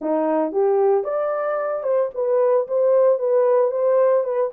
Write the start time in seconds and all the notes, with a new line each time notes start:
0.01 D#4
0.52 G4
1.04 D5
1.83 C5
2.14 B4
2.67 C5
3.19 B4
3.71 C5
4.24 B4